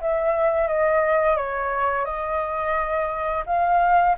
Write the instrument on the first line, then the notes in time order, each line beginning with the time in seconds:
flute
0.00 E5
0.68 D#5
1.36 C#5
2.05 D#5
3.46 F5